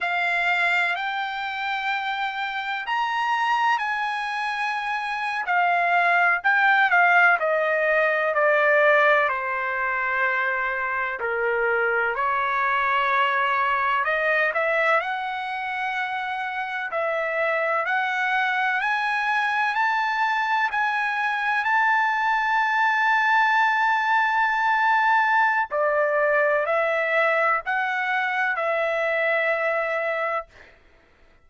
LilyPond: \new Staff \with { instrumentName = "trumpet" } { \time 4/4 \tempo 4 = 63 f''4 g''2 ais''4 | gis''4.~ gis''16 f''4 g''8 f''8 dis''16~ | dis''8. d''4 c''2 ais'16~ | ais'8. cis''2 dis''8 e''8 fis''16~ |
fis''4.~ fis''16 e''4 fis''4 gis''16~ | gis''8. a''4 gis''4 a''4~ a''16~ | a''2. d''4 | e''4 fis''4 e''2 | }